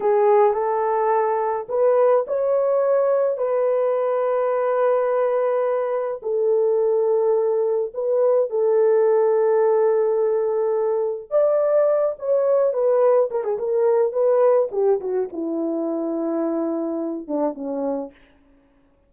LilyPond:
\new Staff \with { instrumentName = "horn" } { \time 4/4 \tempo 4 = 106 gis'4 a'2 b'4 | cis''2 b'2~ | b'2. a'4~ | a'2 b'4 a'4~ |
a'1 | d''4. cis''4 b'4 ais'16 gis'16 | ais'4 b'4 g'8 fis'8 e'4~ | e'2~ e'8 d'8 cis'4 | }